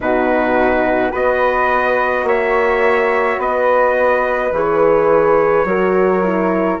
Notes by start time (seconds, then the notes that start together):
0.00 B2 D#4 F#4 B4
1.11 B3 F#4 B4 D#5
2.23 A#3 C#5 E5
3.38 B3 B4 D#5
4.51 E3 G#4 C#5
5.64 F#3 F#4 A#4
6.23 E4